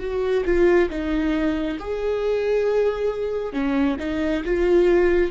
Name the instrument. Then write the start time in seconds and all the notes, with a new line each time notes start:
viola
0.00 F#4
0.45 F4
0.89 D#4
1.79 G#4
3.53 C#4
3.99 D#4
4.45 F4